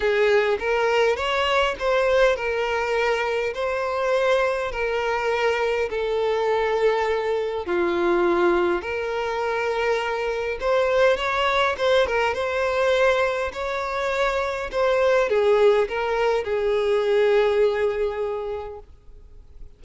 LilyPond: \new Staff \with { instrumentName = "violin" } { \time 4/4 \tempo 4 = 102 gis'4 ais'4 cis''4 c''4 | ais'2 c''2 | ais'2 a'2~ | a'4 f'2 ais'4~ |
ais'2 c''4 cis''4 | c''8 ais'8 c''2 cis''4~ | cis''4 c''4 gis'4 ais'4 | gis'1 | }